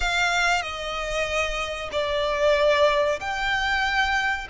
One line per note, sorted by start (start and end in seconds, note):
0.00 0.62 F5
0.62 1.89 D#5
1.91 3.19 D5
3.19 4.47 G5